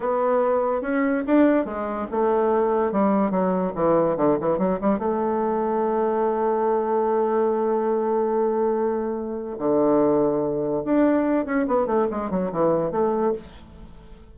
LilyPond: \new Staff \with { instrumentName = "bassoon" } { \time 4/4 \tempo 4 = 144 b2 cis'4 d'4 | gis4 a2 g4 | fis4 e4 d8 e8 fis8 g8 | a1~ |
a1~ | a2. d4~ | d2 d'4. cis'8 | b8 a8 gis8 fis8 e4 a4 | }